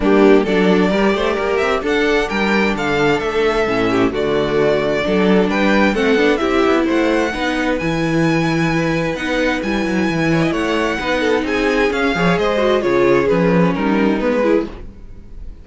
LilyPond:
<<
  \new Staff \with { instrumentName = "violin" } { \time 4/4 \tempo 4 = 131 g'4 d''2~ d''8 e''8 | fis''4 g''4 f''4 e''4~ | e''4 d''2. | g''4 fis''4 e''4 fis''4~ |
fis''4 gis''2. | fis''4 gis''2 fis''4~ | fis''4 gis''4 f''4 dis''4 | cis''4 b'4 ais'4 b'4 | }
  \new Staff \with { instrumentName = "violin" } { \time 4/4 d'4 a'4 ais'8 c''8 ais'4 | a'4 ais'4 a'2~ | a'8 g'8 fis'2 a'4 | b'4 a'4 g'4 c''4 |
b'1~ | b'2~ b'8 cis''16 dis''16 cis''4 | b'8 a'8 gis'4. cis''8 c''4 | gis'2 dis'4. gis'8 | }
  \new Staff \with { instrumentName = "viola" } { \time 4/4 ais4 d'4 g'2 | d'1 | cis'4 a2 d'4~ | d'4 c'8 d'8 e'2 |
dis'4 e'2. | dis'4 e'2. | dis'2 cis'8 gis'4 fis'8 | f'4 cis'2 b8 e'8 | }
  \new Staff \with { instrumentName = "cello" } { \time 4/4 g4 fis4 g8 a8 ais8 c'8 | d'4 g4 d4 a4 | a,4 d2 fis4 | g4 a8 b8 c'8 b8 a4 |
b4 e2. | b4 g8 fis8 e4 a4 | b4 c'4 cis'8 f8 gis4 | cis4 f4 g4 gis4 | }
>>